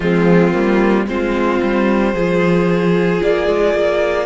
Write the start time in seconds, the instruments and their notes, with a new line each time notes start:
0.00 cello F3, viola G#3, violin C4 F4
0.52 cello G3, viola A#3
1.06 cello G#3, viola C4, violin F4 C5
1.62 cello G3
2.13 cello F3, viola F4, violin G#4
3.22 cello A#3, violin D5
3.47 cello G#3
3.74 cello A#3